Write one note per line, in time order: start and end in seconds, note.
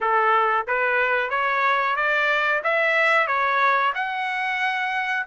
0.00 0.66 A4
0.67 1.30 B4
1.30 1.96 C#5
1.96 2.62 D5
2.63 3.27 E5
3.27 3.93 C#5
3.94 5.26 F#5